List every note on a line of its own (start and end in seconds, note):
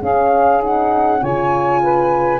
0.00 0.60 C#4
0.00 1.22 C#4
0.00 1.20 G#4
0.00 0.62 F5
0.60 1.20 D#4
0.60 1.23 F#5
1.21 2.40 C#3
1.21 2.40 F4
1.21 1.80 C#5
1.21 2.40 G#5
1.82 2.40 B4